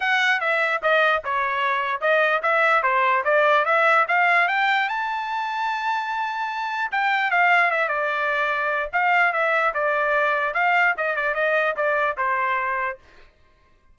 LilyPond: \new Staff \with { instrumentName = "trumpet" } { \time 4/4 \tempo 4 = 148 fis''4 e''4 dis''4 cis''4~ | cis''4 dis''4 e''4 c''4 | d''4 e''4 f''4 g''4 | a''1~ |
a''4 g''4 f''4 e''8 d''8~ | d''2 f''4 e''4 | d''2 f''4 dis''8 d''8 | dis''4 d''4 c''2 | }